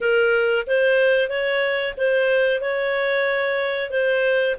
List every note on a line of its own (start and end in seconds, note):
0.01 0.66 A#4
0.67 1.29 C5
1.29 1.94 C#5
1.97 2.61 C5
2.61 3.90 C#5
3.90 4.55 C5